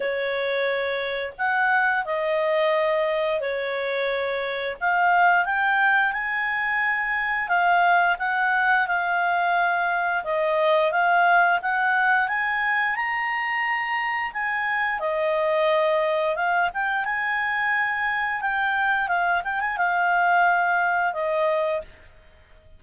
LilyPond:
\new Staff \with { instrumentName = "clarinet" } { \time 4/4 \tempo 4 = 88 cis''2 fis''4 dis''4~ | dis''4 cis''2 f''4 | g''4 gis''2 f''4 | fis''4 f''2 dis''4 |
f''4 fis''4 gis''4 ais''4~ | ais''4 gis''4 dis''2 | f''8 g''8 gis''2 g''4 | f''8 g''16 gis''16 f''2 dis''4 | }